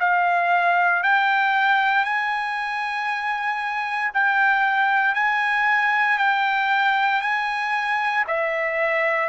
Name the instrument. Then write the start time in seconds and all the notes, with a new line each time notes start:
trumpet
0.00 F5
1.03 G5
2.05 G#5
4.14 G5
5.15 G#5
6.18 G5
7.22 G#5
8.28 E5